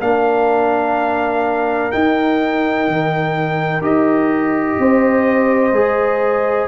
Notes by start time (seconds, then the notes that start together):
0.00 A#3 D4 A#4 F5
1.91 D#4 G5
2.87 D#3
3.81 D#4 G4 D#5
4.78 C4 C5
5.72 G#3 G#4